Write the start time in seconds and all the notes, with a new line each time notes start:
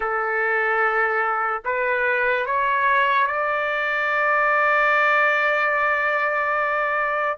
0.00 A4
1.64 B4
2.45 C#5
3.27 D5